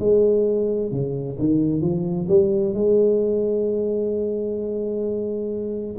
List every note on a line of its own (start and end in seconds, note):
0.00 0.92 G#3
0.92 1.38 C#3
1.39 1.81 D#3
1.81 2.27 F3
2.29 2.74 G3
2.74 5.97 G#3